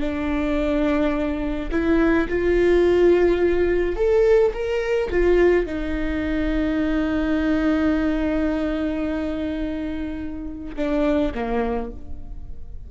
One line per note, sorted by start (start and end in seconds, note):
0.00 1.70 D4
1.71 2.28 E4
2.29 3.96 F4
3.96 4.52 A4
4.54 5.10 A#4
5.10 5.66 F4
5.66 10.75 D#4
10.76 11.33 D4
11.35 11.91 A#3